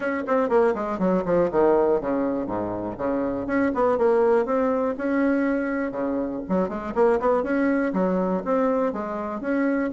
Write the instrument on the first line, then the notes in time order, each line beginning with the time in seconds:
bassoon
0.00 C#4
0.27 C4
0.49 A#3
0.74 G#3
0.98 F#3
1.25 F3
1.51 D#3
2.00 C#3
2.46 G#2
2.97 C#3
3.46 C#4
3.74 B3
3.98 A#3
4.45 C4
4.97 C#4
5.91 C#3
6.48 F#3
6.68 G#3
6.94 A#3
7.19 B3
7.43 C#4
7.93 F#3
8.45 C4
8.92 G#3
9.41 C#4